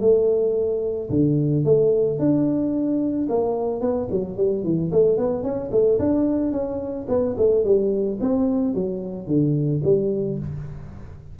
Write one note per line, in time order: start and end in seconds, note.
0.00 1.09 A3
1.10 1.64 D3
1.64 2.19 A3
2.19 3.28 D4
3.29 3.81 A#3
3.81 4.08 B3
4.11 4.37 F#3
4.37 4.63 G3
4.63 4.91 E3
4.91 5.17 A3
5.17 5.43 B3
5.43 5.70 C#4
5.71 5.99 A3
5.99 6.52 D4
6.52 7.07 C#4
7.08 7.36 B3
7.37 7.64 A3
7.64 8.18 G3
8.20 8.74 C4
8.74 9.27 F#3
9.27 9.81 D3
9.84 10.38 G3